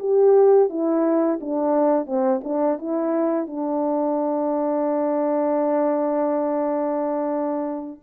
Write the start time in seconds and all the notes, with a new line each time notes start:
0.00 G4
0.70 E4
1.41 D4
2.06 C4
2.44 D4
2.78 E4
3.47 D4